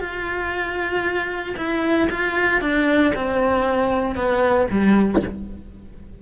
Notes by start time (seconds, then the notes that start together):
0.00 F4
1.57 E4
2.10 F4
2.61 D4
3.15 C4
4.15 B3
4.70 G3